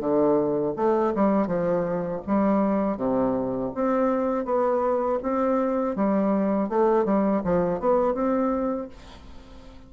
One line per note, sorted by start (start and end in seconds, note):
0.00 0.74 D3
0.76 1.13 A3
1.15 1.47 G3
1.47 2.21 F3
2.27 2.97 G3
2.97 3.71 C3
3.75 4.45 C4
4.45 5.19 B3
5.23 5.96 C4
5.96 6.69 G3
6.69 7.05 A3
7.05 7.42 G3
7.44 7.80 F3
7.80 8.14 B3
8.14 8.88 C4